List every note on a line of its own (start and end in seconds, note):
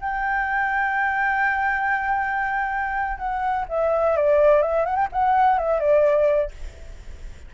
0.00 3.17 G5
3.17 3.65 F#5
3.68 4.16 E5
4.16 4.62 D5
4.62 4.85 E5
4.85 4.95 F#5
4.95 5.07 G5
5.12 5.58 F#5
5.58 5.79 E5
5.79 6.51 D5